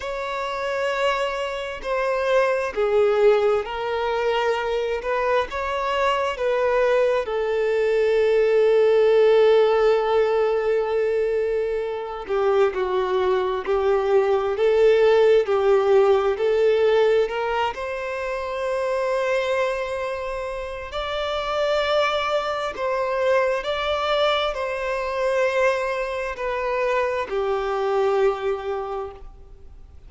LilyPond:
\new Staff \with { instrumentName = "violin" } { \time 4/4 \tempo 4 = 66 cis''2 c''4 gis'4 | ais'4. b'8 cis''4 b'4 | a'1~ | a'4. g'8 fis'4 g'4 |
a'4 g'4 a'4 ais'8 c''8~ | c''2. d''4~ | d''4 c''4 d''4 c''4~ | c''4 b'4 g'2 | }